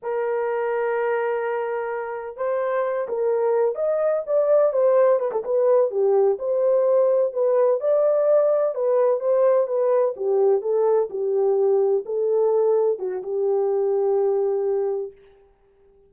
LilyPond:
\new Staff \with { instrumentName = "horn" } { \time 4/4 \tempo 4 = 127 ais'1~ | ais'4 c''4. ais'4. | dis''4 d''4 c''4 b'16 a'16 b'8~ | b'8 g'4 c''2 b'8~ |
b'8 d''2 b'4 c''8~ | c''8 b'4 g'4 a'4 g'8~ | g'4. a'2 fis'8 | g'1 | }